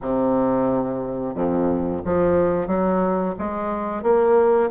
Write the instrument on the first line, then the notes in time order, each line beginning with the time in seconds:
bassoon
0.01 C3
1.35 F2
2.04 F3
2.67 F#3
3.38 G#3
4.02 A#3